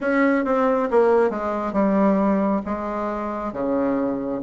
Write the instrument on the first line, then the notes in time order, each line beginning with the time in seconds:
bassoon
0.00 C#4
0.45 C4
0.91 A#3
1.30 G#3
1.72 G3
2.65 G#3
3.52 C#3